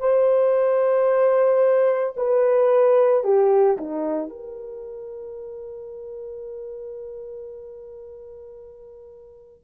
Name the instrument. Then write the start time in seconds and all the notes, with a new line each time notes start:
horn
0.00 C5
2.17 B4
3.24 G4
3.78 D#4
4.30 A#4